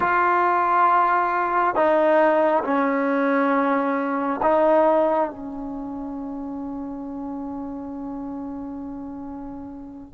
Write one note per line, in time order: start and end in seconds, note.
0.00 1.74 F4
1.74 2.63 D#4
2.64 4.40 C#4
4.42 5.30 D#4
5.30 10.14 C#4